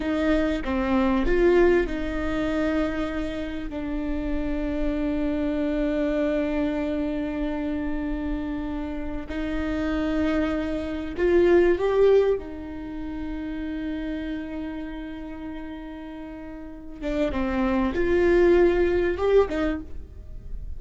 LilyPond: \new Staff \with { instrumentName = "viola" } { \time 4/4 \tempo 4 = 97 dis'4 c'4 f'4 dis'4~ | dis'2 d'2~ | d'1~ | d'2. dis'4~ |
dis'2 f'4 g'4 | dis'1~ | dis'2.~ dis'8 d'8 | c'4 f'2 g'8 dis'8 | }